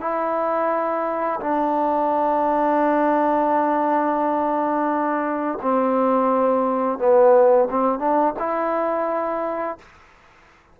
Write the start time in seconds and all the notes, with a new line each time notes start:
0.00 E4
1.40 D4
5.61 C4
6.98 B3
7.70 C4
7.99 D4
8.38 E4